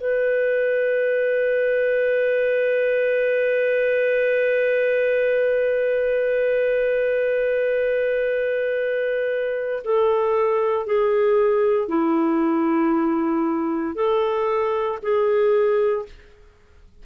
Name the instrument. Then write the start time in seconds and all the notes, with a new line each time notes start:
clarinet
0.00 B4
9.84 A4
10.86 G#4
11.88 E4
13.95 A4
15.02 G#4